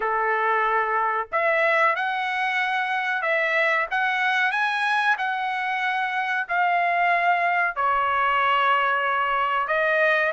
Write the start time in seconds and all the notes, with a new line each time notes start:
0.00 A4
1.32 E5
1.95 F#5
3.22 E5
3.91 F#5
4.51 G#5
5.18 F#5
6.48 F5
7.75 C#5
9.67 D#5